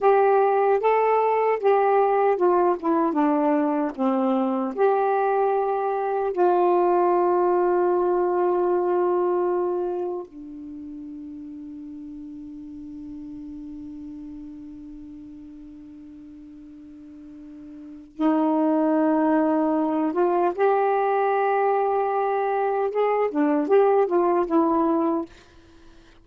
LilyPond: \new Staff \with { instrumentName = "saxophone" } { \time 4/4 \tempo 4 = 76 g'4 a'4 g'4 f'8 e'8 | d'4 c'4 g'2 | f'1~ | f'4 d'2.~ |
d'1~ | d'2. dis'4~ | dis'4. f'8 g'2~ | g'4 gis'8 d'8 g'8 f'8 e'4 | }